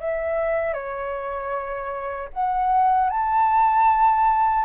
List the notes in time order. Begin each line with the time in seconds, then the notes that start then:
0.00 E5
0.73 C#5
2.33 F#5
3.10 A5